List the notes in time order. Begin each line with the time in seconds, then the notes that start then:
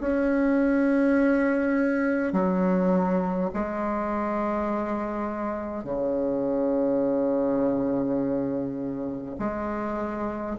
0.00 C#4
2.33 F#3
3.53 G#3
5.83 C#3
9.39 G#3